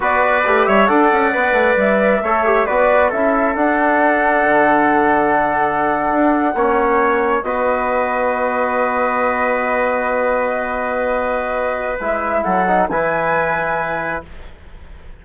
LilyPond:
<<
  \new Staff \with { instrumentName = "flute" } { \time 4/4 \tempo 4 = 135 d''4. e''8 fis''2 | e''2 d''4 e''4 | fis''1~ | fis''1~ |
fis''8. dis''2.~ dis''16~ | dis''1~ | dis''2. e''4 | fis''4 gis''2. | }
  \new Staff \with { instrumentName = "trumpet" } { \time 4/4 b'4. cis''8 d''2~ | d''4 cis''4 b'4 a'4~ | a'1~ | a'2~ a'8. cis''4~ cis''16~ |
cis''8. b'2.~ b'16~ | b'1~ | b'1 | a'4 b'2. | }
  \new Staff \with { instrumentName = "trombone" } { \time 4/4 fis'4 g'4 a'4 b'4~ | b'4 a'8 g'8 fis'4 e'4 | d'1~ | d'2~ d'8. cis'4~ cis'16~ |
cis'8. fis'2.~ fis'16~ | fis'1~ | fis'2. e'4~ | e'8 dis'8 e'2. | }
  \new Staff \with { instrumentName = "bassoon" } { \time 4/4 b4 a8 g8 d'8 cis'8 b8 a8 | g4 a4 b4 cis'4 | d'2 d2~ | d4.~ d16 d'4 ais4~ ais16~ |
ais8. b2.~ b16~ | b1~ | b2. gis4 | fis4 e2. | }
>>